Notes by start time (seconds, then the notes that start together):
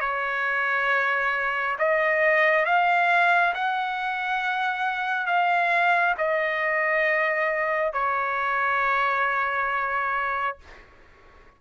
0.00 C#5
1.79 D#5
2.66 F5
3.54 F#5
5.27 F5
6.18 D#5
7.93 C#5